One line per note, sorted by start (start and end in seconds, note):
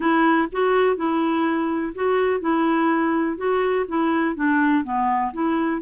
0.00 0.48 E4
0.51 0.96 F#4
0.96 1.93 E4
1.94 2.40 F#4
2.40 3.37 E4
3.37 3.85 F#4
3.88 4.35 E4
4.35 4.83 D4
4.83 5.32 B3
5.33 5.81 E4